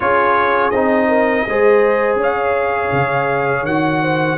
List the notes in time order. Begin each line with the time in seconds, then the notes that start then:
0.00 C#4 F4 G#4 C#5
0.70 C4 D#4 D#5
1.08 A#4
1.48 G#3 G#4 C5
2.15 C#4 C#5
2.22 F5
2.91 C#3
3.62 D#3 F#4 F#5
4.02 C5